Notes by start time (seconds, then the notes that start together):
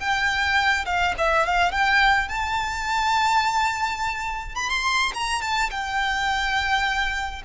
0.00 G5
0.86 F5
1.18 E5
1.46 F5
1.72 G5
2.29 A5
4.56 B5
4.70 C6
5.15 A#5
5.42 A5
5.71 G5